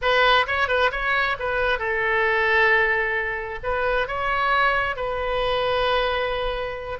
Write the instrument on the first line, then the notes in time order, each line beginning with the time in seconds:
oboe
0.01 B4
0.46 C#5
0.68 B4
0.91 C#5
1.39 B4
1.78 A4
3.63 B4
4.07 C#5
4.96 B4